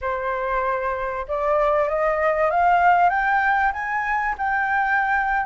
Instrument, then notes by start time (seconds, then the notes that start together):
flute
0.01 C5
1.28 D5
1.88 D#5
2.50 F5
3.09 G5
3.72 G#5
4.38 G5